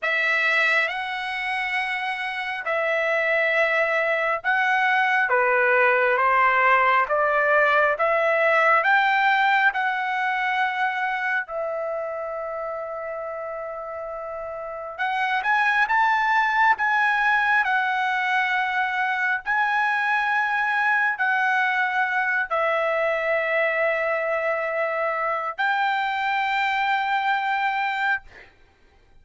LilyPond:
\new Staff \with { instrumentName = "trumpet" } { \time 4/4 \tempo 4 = 68 e''4 fis''2 e''4~ | e''4 fis''4 b'4 c''4 | d''4 e''4 g''4 fis''4~ | fis''4 e''2.~ |
e''4 fis''8 gis''8 a''4 gis''4 | fis''2 gis''2 | fis''4. e''2~ e''8~ | e''4 g''2. | }